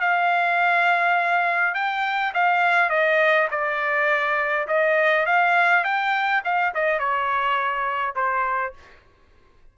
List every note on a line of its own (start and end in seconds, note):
0.00 1.74 F5
1.74 2.32 G5
2.34 2.90 F5
2.90 3.48 D#5
3.51 4.67 D5
4.67 5.26 D#5
5.26 5.84 F5
5.84 6.42 G5
6.44 6.73 F5
6.74 6.99 D#5
6.99 8.15 C#5
8.15 8.73 C5